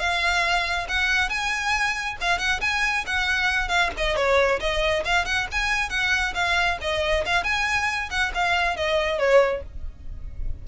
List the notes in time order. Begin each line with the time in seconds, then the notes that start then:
0.00 F5
0.89 F#5
1.29 G#5
2.21 F5
2.39 F#5
2.61 G#5
3.07 F#5
3.69 F5
3.98 D#5
4.16 C#5
4.60 D#5
5.05 F5
5.25 F#5
5.52 G#5
5.90 F#5
6.34 F5
6.81 D#5
7.26 F5
7.44 G#5
8.10 F#5
8.35 F5
8.77 D#5
9.19 C#5